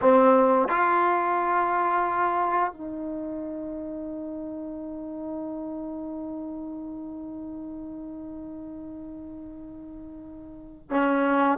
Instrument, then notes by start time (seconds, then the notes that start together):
trombone
0.01 C4
0.68 F4
2.72 D#4
10.90 C#4